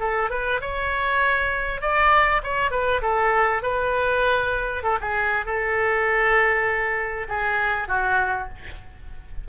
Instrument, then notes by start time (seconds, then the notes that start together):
oboe
0.00 A4
0.31 B4
0.61 C#5
1.82 D5
2.44 C#5
2.71 B4
3.02 A4
3.63 B4
4.83 A4
5.01 G#4
5.46 A4
7.29 G#4
7.88 F#4